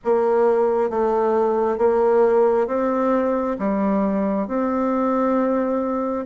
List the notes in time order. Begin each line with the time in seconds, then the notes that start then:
0.04 A#3
0.90 A3
1.77 A#3
2.67 C4
3.58 G3
4.47 C4